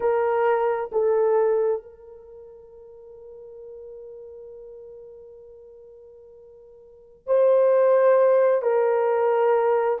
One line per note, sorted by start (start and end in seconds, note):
0.00 0.90 A#4
0.91 1.82 A4
1.82 7.26 A#4
7.26 8.62 C5
8.62 9.98 A#4